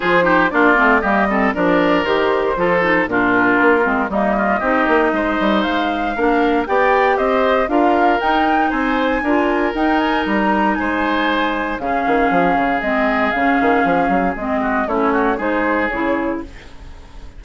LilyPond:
<<
  \new Staff \with { instrumentName = "flute" } { \time 4/4 \tempo 4 = 117 c''4 d''4 dis''4 d''4 | c''2 ais'2 | dis''2. f''4~ | f''4 g''4 dis''4 f''4 |
g''4 gis''2 g''8 gis''8 | ais''4 gis''2 f''4~ | f''4 dis''4 f''2 | dis''4 cis''4 c''4 cis''4 | }
  \new Staff \with { instrumentName = "oboe" } { \time 4/4 gis'8 g'8 f'4 g'8 a'8 ais'4~ | ais'4 a'4 f'2 | dis'8 f'8 g'4 c''2 | ais'4 d''4 c''4 ais'4~ |
ais'4 c''4 ais'2~ | ais'4 c''2 gis'4~ | gis'1~ | gis'8 fis'8 e'8 fis'8 gis'2 | }
  \new Staff \with { instrumentName = "clarinet" } { \time 4/4 f'8 dis'8 d'8 c'8 ais8 c'8 d'4 | g'4 f'8 dis'8 d'4. c'8 | ais4 dis'2. | d'4 g'2 f'4 |
dis'2 f'4 dis'4~ | dis'2. cis'4~ | cis'4 c'4 cis'2 | c'4 cis'4 dis'4 e'4 | }
  \new Staff \with { instrumentName = "bassoon" } { \time 4/4 f4 ais8 a8 g4 f4 | dis4 f4 ais,4 ais8 gis8 | g4 c'8 ais8 gis8 g8 gis4 | ais4 b4 c'4 d'4 |
dis'4 c'4 d'4 dis'4 | g4 gis2 cis8 dis8 | f8 cis8 gis4 cis8 dis8 f8 fis8 | gis4 a4 gis4 cis4 | }
>>